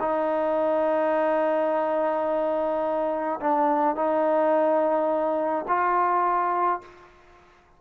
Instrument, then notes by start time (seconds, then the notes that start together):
trombone
0.00 D#4
3.40 D4
3.95 D#4
5.68 F4